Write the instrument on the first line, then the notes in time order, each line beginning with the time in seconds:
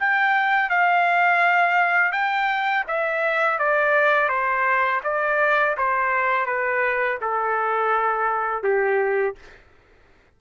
trumpet
0.00 G5
0.70 F5
2.13 G5
2.88 E5
3.59 D5
4.29 C5
5.04 D5
5.78 C5
6.47 B4
7.22 A4
8.64 G4